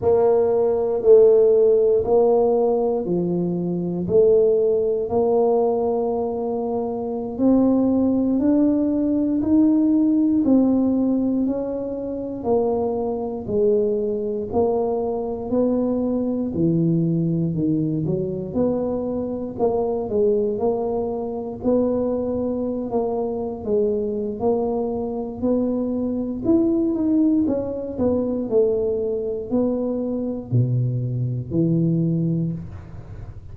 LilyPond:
\new Staff \with { instrumentName = "tuba" } { \time 4/4 \tempo 4 = 59 ais4 a4 ais4 f4 | a4 ais2~ ais16 c'8.~ | c'16 d'4 dis'4 c'4 cis'8.~ | cis'16 ais4 gis4 ais4 b8.~ |
b16 e4 dis8 fis8 b4 ais8 gis16~ | gis16 ais4 b4~ b16 ais8. gis8. | ais4 b4 e'8 dis'8 cis'8 b8 | a4 b4 b,4 e4 | }